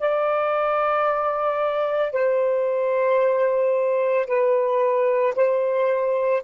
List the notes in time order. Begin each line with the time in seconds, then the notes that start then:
0.00 D5
2.13 C5
4.28 B4
5.36 C5